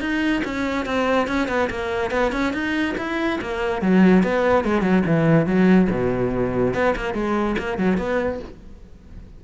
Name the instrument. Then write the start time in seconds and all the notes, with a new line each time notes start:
cello
0.00 D#4
0.44 C#4
0.85 C4
1.27 C#4
1.48 B3
1.70 A#3
2.11 B3
2.32 C#4
2.53 D#4
2.97 E4
3.41 A#3
3.81 F#3
4.23 B3
4.64 G#3
4.81 F#3
5.06 E3
5.46 F#3
5.90 B2
6.74 B3
6.96 A#3
7.14 G#3
7.58 A#3
7.78 F#3
7.97 B3